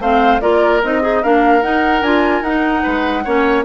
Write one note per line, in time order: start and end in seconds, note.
0.00 0.41 A3
0.00 0.41 C4
0.00 0.42 C5
0.00 0.41 F5
0.41 0.84 A#3
0.41 0.82 F4
0.41 1.03 A#4
0.41 0.82 D5
0.84 1.24 C4
0.84 1.02 D#4
0.84 1.24 D#5
1.02 1.23 D#4
1.02 1.22 G#4
1.23 1.63 A#3
1.23 1.62 D4
1.23 2.83 A#4
1.23 1.63 F5
1.62 2.03 D#4
1.62 2.02 D#4
1.62 2.03 F#5
2.02 2.42 D4
2.02 2.45 F4
2.02 2.43 G#5
2.42 2.82 D#4
2.42 3.26 D#4
2.42 3.65 F#5
2.83 3.26 G#3
2.83 3.24 B4
3.25 3.66 A#3
3.25 3.66 C#4
3.25 3.65 C#5